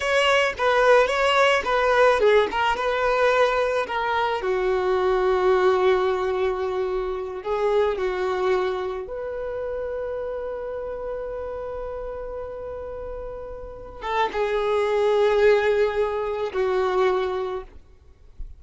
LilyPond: \new Staff \with { instrumentName = "violin" } { \time 4/4 \tempo 4 = 109 cis''4 b'4 cis''4 b'4 | gis'8 ais'8 b'2 ais'4 | fis'1~ | fis'4. gis'4 fis'4.~ |
fis'8 b'2.~ b'8~ | b'1~ | b'4. a'8 gis'2~ | gis'2 fis'2 | }